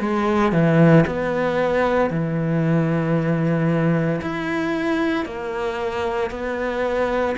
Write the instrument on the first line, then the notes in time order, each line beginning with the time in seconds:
cello
0.00 G#3
0.52 E3
1.07 B3
2.10 E3
4.21 E4
5.25 A#3
6.31 B3